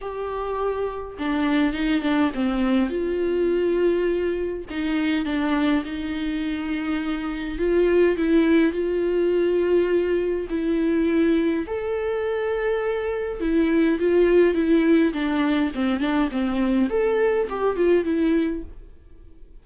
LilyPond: \new Staff \with { instrumentName = "viola" } { \time 4/4 \tempo 4 = 103 g'2 d'4 dis'8 d'8 | c'4 f'2. | dis'4 d'4 dis'2~ | dis'4 f'4 e'4 f'4~ |
f'2 e'2 | a'2. e'4 | f'4 e'4 d'4 c'8 d'8 | c'4 a'4 g'8 f'8 e'4 | }